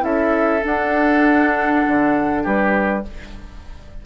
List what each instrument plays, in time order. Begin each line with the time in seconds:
0.00 bassoon C#4, clarinet E4, oboe A4, flute E5
0.62 clarinet D4, bassoon D4, flute F#5
1.87 bassoon D3
2.43 bassoon G3, oboe G4, flute B4